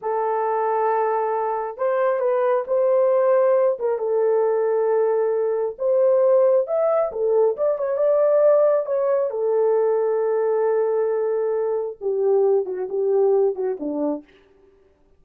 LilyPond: \new Staff \with { instrumentName = "horn" } { \time 4/4 \tempo 4 = 135 a'1 | c''4 b'4 c''2~ | c''8 ais'8 a'2.~ | a'4 c''2 e''4 |
a'4 d''8 cis''8 d''2 | cis''4 a'2.~ | a'2. g'4~ | g'8 fis'8 g'4. fis'8 d'4 | }